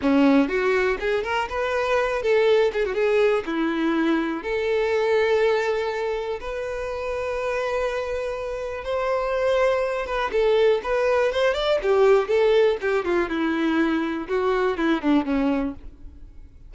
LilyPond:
\new Staff \with { instrumentName = "violin" } { \time 4/4 \tempo 4 = 122 cis'4 fis'4 gis'8 ais'8 b'4~ | b'8 a'4 gis'16 fis'16 gis'4 e'4~ | e'4 a'2.~ | a'4 b'2.~ |
b'2 c''2~ | c''8 b'8 a'4 b'4 c''8 d''8 | g'4 a'4 g'8 f'8 e'4~ | e'4 fis'4 e'8 d'8 cis'4 | }